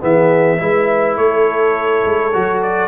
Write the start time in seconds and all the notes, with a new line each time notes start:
0.00 E3 B3 G#4 E5
0.58 G#3 E4 B4
1.17 A3 A4 C#5
2.05 G#3
2.33 F#3 F#4
2.62 D5